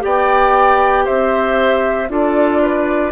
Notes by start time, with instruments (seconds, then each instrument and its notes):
0.00 bassoon B3, clarinet G4, oboe D5, flute G5
1.05 bassoon C4, oboe C5, flute E5
2.09 bassoon D4, clarinet F4, oboe A4, flute D5
2.62 oboe B4